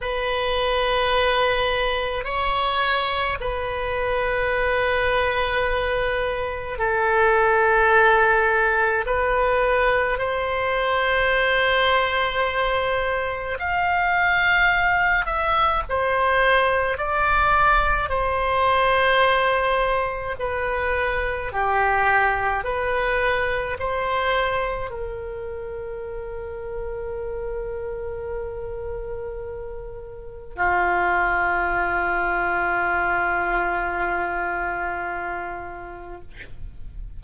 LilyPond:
\new Staff \with { instrumentName = "oboe" } { \time 4/4 \tempo 4 = 53 b'2 cis''4 b'4~ | b'2 a'2 | b'4 c''2. | f''4. e''8 c''4 d''4 |
c''2 b'4 g'4 | b'4 c''4 ais'2~ | ais'2. f'4~ | f'1 | }